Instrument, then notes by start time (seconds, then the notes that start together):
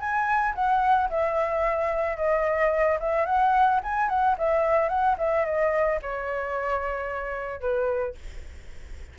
flute
0.00 G#5
0.55 F#5
1.10 E5
2.17 D#5
3.00 E5
3.26 F#5
3.83 G#5
4.09 F#5
4.38 E5
4.89 F#5
5.18 E5
5.45 D#5
6.02 C#5
7.60 B4